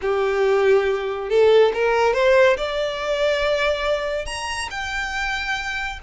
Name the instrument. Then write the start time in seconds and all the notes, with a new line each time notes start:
violin
0.01 G4
1.29 A4
1.74 A#4
2.13 C5
2.57 D5
4.26 A#5
4.70 G5